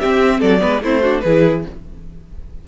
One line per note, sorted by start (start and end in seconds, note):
0.00 0.60 C4
0.00 0.42 C4
0.00 0.40 G4
0.00 0.41 E5
0.40 0.63 F#3
0.40 0.60 A4
0.40 0.82 D5
0.60 0.82 G#3
0.60 0.80 B3
0.60 0.83 B4
0.82 1.23 A3
0.82 1.04 C4
0.82 1.02 E4
0.82 1.21 C5
1.02 1.24 D4
1.02 1.22 F#4
1.21 1.66 E3
1.21 1.65 G#4
1.21 1.62 B4
1.27 1.68 E4